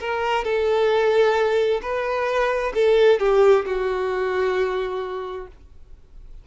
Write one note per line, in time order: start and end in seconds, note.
0.00 0.44 A#4
0.44 1.81 A4
1.82 2.73 B4
2.74 3.20 A4
3.20 3.65 G4
3.66 5.48 F#4